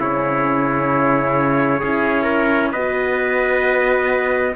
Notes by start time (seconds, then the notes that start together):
0.00 C#3 C#4 E4 C#5
1.80 C#4 E4 G#4
2.23 A#4
2.72 B3 F#4 B4 D#5